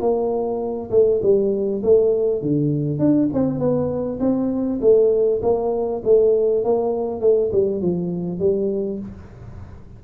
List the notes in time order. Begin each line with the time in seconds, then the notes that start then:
0.00 A#3
0.90 A3
1.22 G3
1.83 A3
2.41 D3
2.99 D4
3.33 C4
3.59 B3
4.19 C4
4.81 A3
5.42 A#3
6.04 A3
6.64 A#3
7.21 A3
7.52 G3
7.81 F3
8.39 G3